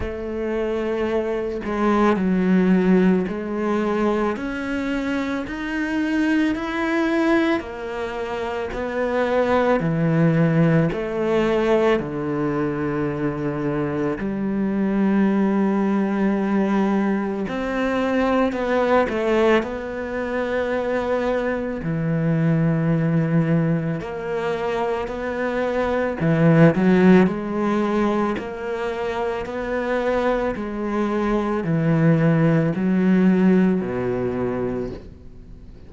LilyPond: \new Staff \with { instrumentName = "cello" } { \time 4/4 \tempo 4 = 55 a4. gis8 fis4 gis4 | cis'4 dis'4 e'4 ais4 | b4 e4 a4 d4~ | d4 g2. |
c'4 b8 a8 b2 | e2 ais4 b4 | e8 fis8 gis4 ais4 b4 | gis4 e4 fis4 b,4 | }